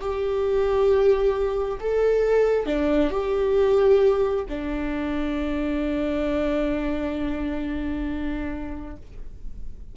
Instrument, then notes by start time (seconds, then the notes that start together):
viola
0.00 G4
1.80 A4
2.66 D4
3.10 G4
4.49 D4